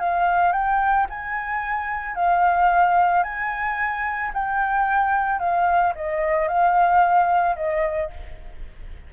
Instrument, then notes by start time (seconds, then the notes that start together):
flute
0.00 F5
0.53 G5
1.10 G#5
2.15 F5
3.24 G#5
4.34 G5
5.40 F5
5.96 D#5
6.48 F5
7.57 D#5